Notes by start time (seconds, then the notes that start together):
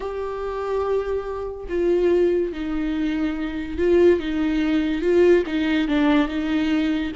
0.00 G4
1.68 F4
2.52 D#4
3.77 F4
4.19 D#4
5.01 F4
5.46 D#4
5.88 D4
6.28 D#4